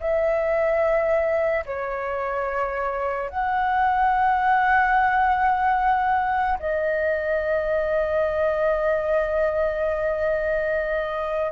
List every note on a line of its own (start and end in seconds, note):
0.00 1.64 E5
1.66 3.30 C#5
3.30 6.58 F#5
6.59 11.51 D#5